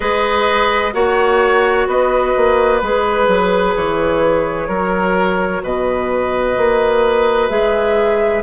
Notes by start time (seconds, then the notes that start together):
0.00 G#3 G#4 B4 D#5
0.92 A#3 F#4 C#5 F#5
1.87 B3 B4 D#5
2.36 A#3
2.79 G#3 G#4 B4
3.27 F#3
3.76 E3 C#5
4.68 F#3 F#4 A#4
5.63 B2 B4 D#5
6.57 A#3
7.48 G#3 G#4 E5